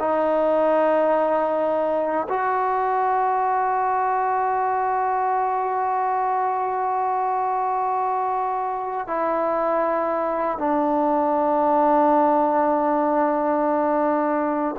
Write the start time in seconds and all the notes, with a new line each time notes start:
0.00 D#4
2.30 F#4
9.08 E4
10.58 D4